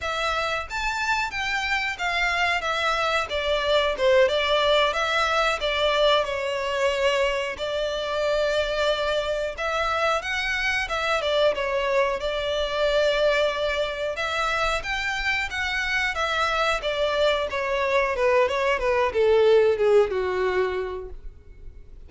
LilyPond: \new Staff \with { instrumentName = "violin" } { \time 4/4 \tempo 4 = 91 e''4 a''4 g''4 f''4 | e''4 d''4 c''8 d''4 e''8~ | e''8 d''4 cis''2 d''8~ | d''2~ d''8 e''4 fis''8~ |
fis''8 e''8 d''8 cis''4 d''4.~ | d''4. e''4 g''4 fis''8~ | fis''8 e''4 d''4 cis''4 b'8 | cis''8 b'8 a'4 gis'8 fis'4. | }